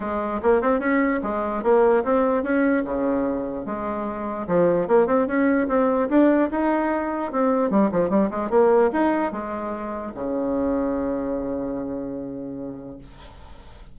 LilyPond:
\new Staff \with { instrumentName = "bassoon" } { \time 4/4 \tempo 4 = 148 gis4 ais8 c'8 cis'4 gis4 | ais4 c'4 cis'4 cis4~ | cis4 gis2 f4 | ais8 c'8 cis'4 c'4 d'4 |
dis'2 c'4 g8 f8 | g8 gis8 ais4 dis'4 gis4~ | gis4 cis2.~ | cis1 | }